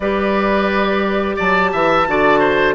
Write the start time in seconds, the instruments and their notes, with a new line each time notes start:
0.00 bassoon G3, clarinet G4, oboe B4, flute D5
1.36 bassoon F#3, oboe D5, flute A5
1.72 bassoon E3, oboe E5
2.07 bassoon D3, clarinet F#4, oboe D5
2.39 oboe C5